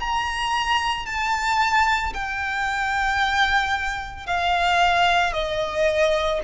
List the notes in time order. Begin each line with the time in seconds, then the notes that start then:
0.00 A#5
1.06 A5
2.13 G5
4.27 F5
5.33 D#5